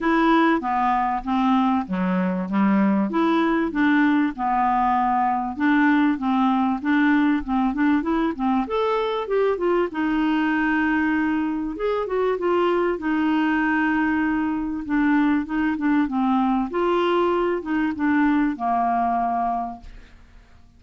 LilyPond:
\new Staff \with { instrumentName = "clarinet" } { \time 4/4 \tempo 4 = 97 e'4 b4 c'4 fis4 | g4 e'4 d'4 b4~ | b4 d'4 c'4 d'4 | c'8 d'8 e'8 c'8 a'4 g'8 f'8 |
dis'2. gis'8 fis'8 | f'4 dis'2. | d'4 dis'8 d'8 c'4 f'4~ | f'8 dis'8 d'4 ais2 | }